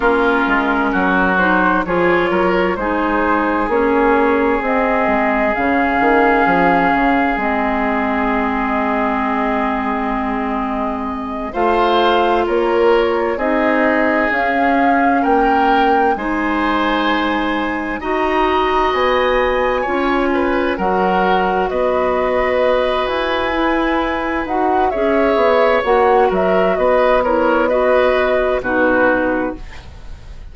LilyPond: <<
  \new Staff \with { instrumentName = "flute" } { \time 4/4 \tempo 4 = 65 ais'4. c''8 cis''4 c''4 | cis''4 dis''4 f''2 | dis''1~ | dis''8 f''4 cis''4 dis''4 f''8~ |
f''8 g''4 gis''2 ais''8~ | ais''8 gis''2 fis''4 dis''8~ | dis''4 gis''4. fis''8 e''4 | fis''8 e''8 dis''8 cis''8 dis''4 b'4 | }
  \new Staff \with { instrumentName = "oboe" } { \time 4/4 f'4 fis'4 gis'8 ais'8 gis'4~ | gis'1~ | gis'1~ | gis'8 c''4 ais'4 gis'4.~ |
gis'8 ais'4 c''2 dis''8~ | dis''4. cis''8 b'8 ais'4 b'8~ | b'2. cis''4~ | cis''8 ais'8 b'8 ais'8 b'4 fis'4 | }
  \new Staff \with { instrumentName = "clarinet" } { \time 4/4 cis'4. dis'8 f'4 dis'4 | cis'4 c'4 cis'2 | c'1~ | c'8 f'2 dis'4 cis'8~ |
cis'4. dis'2 fis'8~ | fis'4. f'4 fis'4.~ | fis'4. e'4 fis'8 gis'4 | fis'4. e'8 fis'4 dis'4 | }
  \new Staff \with { instrumentName = "bassoon" } { \time 4/4 ais8 gis8 fis4 f8 fis8 gis4 | ais4 c'8 gis8 cis8 dis8 f8 cis8 | gis1~ | gis8 a4 ais4 c'4 cis'8~ |
cis'8 ais4 gis2 dis'8~ | dis'8 b4 cis'4 fis4 b8~ | b4 e'4. dis'8 cis'8 b8 | ais8 fis8 b2 b,4 | }
>>